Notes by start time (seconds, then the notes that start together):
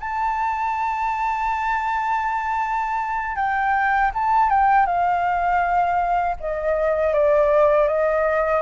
0.00 A5
3.36 G5
4.14 A5
4.49 G5
4.86 F5
6.40 D#5
7.13 D5
7.88 D#5